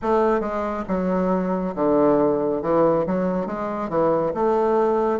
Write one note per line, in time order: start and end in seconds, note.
0.02 0.40 A3
0.40 0.83 G#3
0.87 1.74 F#3
1.75 2.62 D3
2.62 3.05 E3
3.06 3.46 F#3
3.46 3.89 G#3
3.89 4.32 E3
4.34 5.19 A3